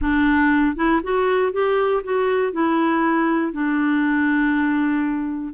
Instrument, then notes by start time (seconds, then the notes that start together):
clarinet
0.01 D4
0.76 E4
1.03 F#4
1.52 G4
2.03 F#4
2.52 E4
3.52 D4